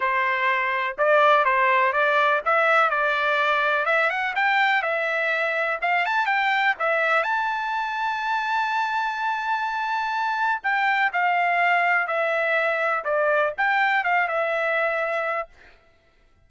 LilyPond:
\new Staff \with { instrumentName = "trumpet" } { \time 4/4 \tempo 4 = 124 c''2 d''4 c''4 | d''4 e''4 d''2 | e''8 fis''8 g''4 e''2 | f''8 a''8 g''4 e''4 a''4~ |
a''1~ | a''2 g''4 f''4~ | f''4 e''2 d''4 | g''4 f''8 e''2~ e''8 | }